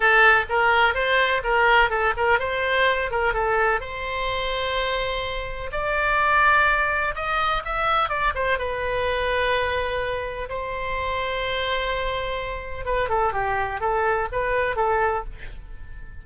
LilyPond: \new Staff \with { instrumentName = "oboe" } { \time 4/4 \tempo 4 = 126 a'4 ais'4 c''4 ais'4 | a'8 ais'8 c''4. ais'8 a'4 | c''1 | d''2. dis''4 |
e''4 d''8 c''8 b'2~ | b'2 c''2~ | c''2. b'8 a'8 | g'4 a'4 b'4 a'4 | }